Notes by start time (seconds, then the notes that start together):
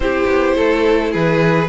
0.00 C4 E4 G4 C5
0.26 B3
0.56 A3 A4
1.11 E3 G#4 B4